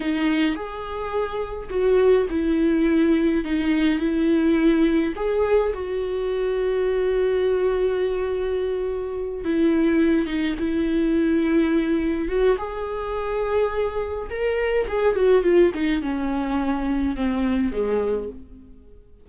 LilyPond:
\new Staff \with { instrumentName = "viola" } { \time 4/4 \tempo 4 = 105 dis'4 gis'2 fis'4 | e'2 dis'4 e'4~ | e'4 gis'4 fis'2~ | fis'1~ |
fis'8 e'4. dis'8 e'4.~ | e'4. fis'8 gis'2~ | gis'4 ais'4 gis'8 fis'8 f'8 dis'8 | cis'2 c'4 gis4 | }